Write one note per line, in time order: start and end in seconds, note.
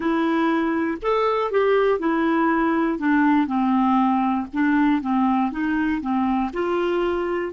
0.00 0.98 E4
1.02 1.51 A4
1.51 1.99 G4
1.99 2.99 E4
2.99 3.47 D4
3.47 4.47 C4
4.53 5.01 D4
5.01 5.51 C4
5.51 6.01 D#4
6.01 6.51 C4
6.53 7.52 F4